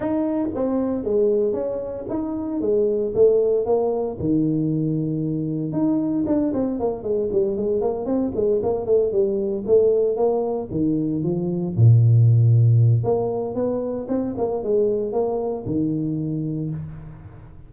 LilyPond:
\new Staff \with { instrumentName = "tuba" } { \time 4/4 \tempo 4 = 115 dis'4 c'4 gis4 cis'4 | dis'4 gis4 a4 ais4 | dis2. dis'4 | d'8 c'8 ais8 gis8 g8 gis8 ais8 c'8 |
gis8 ais8 a8 g4 a4 ais8~ | ais8 dis4 f4 ais,4.~ | ais,4 ais4 b4 c'8 ais8 | gis4 ais4 dis2 | }